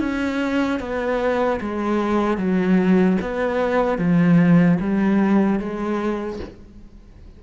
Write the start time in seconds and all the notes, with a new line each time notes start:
0.00 C#4
0.80 B3
1.61 G#3
2.38 F#3
3.22 B3
3.99 F3
4.80 G3
5.60 G#3